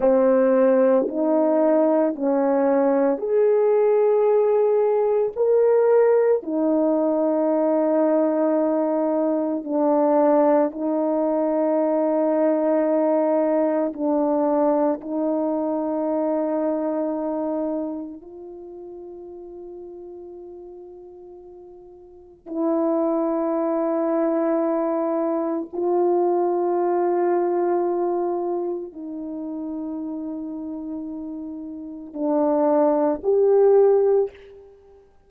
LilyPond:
\new Staff \with { instrumentName = "horn" } { \time 4/4 \tempo 4 = 56 c'4 dis'4 cis'4 gis'4~ | gis'4 ais'4 dis'2~ | dis'4 d'4 dis'2~ | dis'4 d'4 dis'2~ |
dis'4 f'2.~ | f'4 e'2. | f'2. dis'4~ | dis'2 d'4 g'4 | }